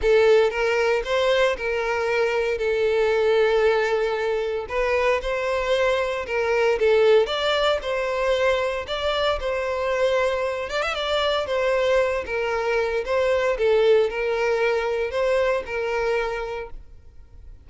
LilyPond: \new Staff \with { instrumentName = "violin" } { \time 4/4 \tempo 4 = 115 a'4 ais'4 c''4 ais'4~ | ais'4 a'2.~ | a'4 b'4 c''2 | ais'4 a'4 d''4 c''4~ |
c''4 d''4 c''2~ | c''8 d''16 e''16 d''4 c''4. ais'8~ | ais'4 c''4 a'4 ais'4~ | ais'4 c''4 ais'2 | }